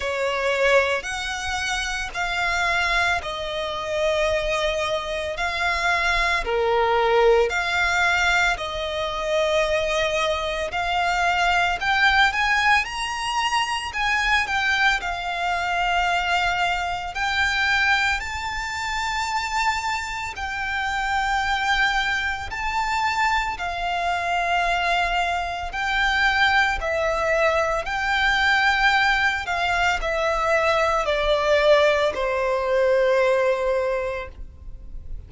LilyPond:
\new Staff \with { instrumentName = "violin" } { \time 4/4 \tempo 4 = 56 cis''4 fis''4 f''4 dis''4~ | dis''4 f''4 ais'4 f''4 | dis''2 f''4 g''8 gis''8 | ais''4 gis''8 g''8 f''2 |
g''4 a''2 g''4~ | g''4 a''4 f''2 | g''4 e''4 g''4. f''8 | e''4 d''4 c''2 | }